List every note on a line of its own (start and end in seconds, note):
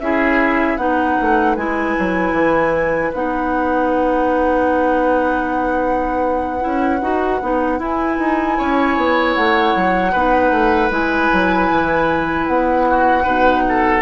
0.00 0.77 C#4
0.00 0.79 E4
0.00 0.81 G#4
0.00 0.78 E5
0.77 1.16 B3
0.77 1.57 D#4
0.77 8.59 B4
0.77 1.56 F#5
1.21 1.57 A3
1.56 1.96 G#3
1.56 3.13 E4
1.56 3.12 G#5
1.99 2.33 F#3
2.33 3.11 E3
3.14 6.65 B3
3.14 6.61 D#4
3.14 7.82 F#5
6.61 7.02 C#4
6.61 7.00 E4
7.02 7.41 D#4
7.02 7.41 F#4
7.42 7.79 B3
7.42 7.79 D#4
7.79 10.12 E4
7.79 8.18 E4
7.79 9.35 G#5
8.19 8.58 D#4
8.59 8.97 C#4
8.59 10.13 C#5
8.97 9.36 B3
9.35 9.76 A3
9.35 10.91 F#5
9.76 10.14 F#3
10.13 10.51 B3
10.13 10.91 D#4
10.13 12.85 B4
10.51 10.90 A3
10.91 11.30 G#3
10.91 13.24 E4
10.91 12.47 G#5
11.33 11.71 F#3
11.71 12.48 E3
12.47 13.26 B3
12.47 14.02 F#5
12.90 13.24 F#4
13.24 14.02 B2
13.24 14.02 D#4
13.24 13.62 B4
13.69 14.02 A4